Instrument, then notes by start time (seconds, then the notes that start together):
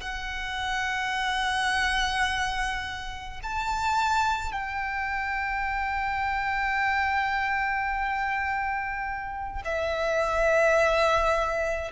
violin
0.00 F#5
3.43 A5
4.52 G5
9.64 E5